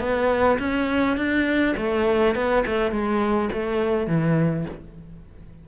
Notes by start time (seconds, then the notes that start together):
0.00 B3
0.59 C#4
1.17 D4
1.77 A3
2.35 B3
2.66 A3
2.91 G#3
3.53 A3
4.07 E3